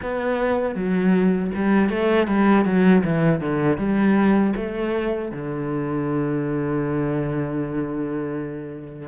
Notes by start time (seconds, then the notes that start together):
0.01 B3
0.75 F#3
1.54 G3
1.89 A3
2.27 G3
2.65 F#3
3.04 E3
3.40 D3
3.77 G3
4.56 A3
5.31 D3